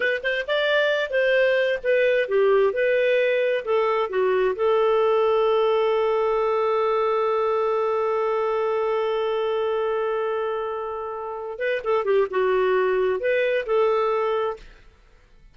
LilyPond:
\new Staff \with { instrumentName = "clarinet" } { \time 4/4 \tempo 4 = 132 b'8 c''8 d''4. c''4. | b'4 g'4 b'2 | a'4 fis'4 a'2~ | a'1~ |
a'1~ | a'1~ | a'4. b'8 a'8 g'8 fis'4~ | fis'4 b'4 a'2 | }